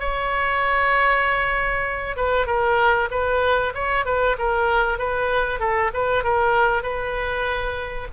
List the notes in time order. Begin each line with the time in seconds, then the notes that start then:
0.00 C#5
2.17 B4
2.47 A#4
3.11 B4
3.75 C#5
4.06 B4
4.39 A#4
4.99 B4
5.60 A4
5.94 B4
6.24 A#4
6.83 B4